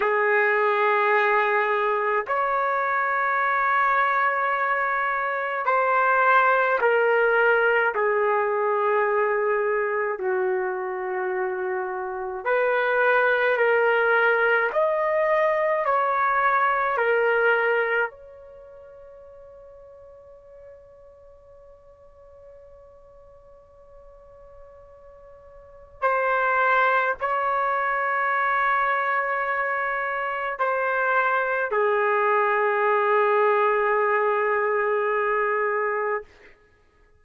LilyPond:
\new Staff \with { instrumentName = "trumpet" } { \time 4/4 \tempo 4 = 53 gis'2 cis''2~ | cis''4 c''4 ais'4 gis'4~ | gis'4 fis'2 b'4 | ais'4 dis''4 cis''4 ais'4 |
cis''1~ | cis''2. c''4 | cis''2. c''4 | gis'1 | }